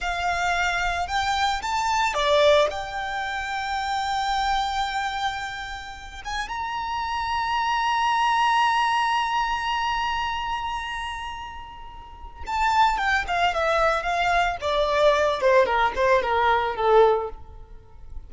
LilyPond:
\new Staff \with { instrumentName = "violin" } { \time 4/4 \tempo 4 = 111 f''2 g''4 a''4 | d''4 g''2.~ | g''2.~ g''8 gis''8 | ais''1~ |
ais''1~ | ais''2. a''4 | g''8 f''8 e''4 f''4 d''4~ | d''8 c''8 ais'8 c''8 ais'4 a'4 | }